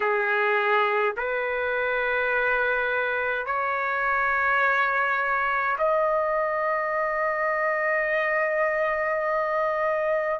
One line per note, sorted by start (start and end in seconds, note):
0.00 1.15 G#4
1.16 3.46 B4
3.46 5.76 C#5
5.78 10.40 D#5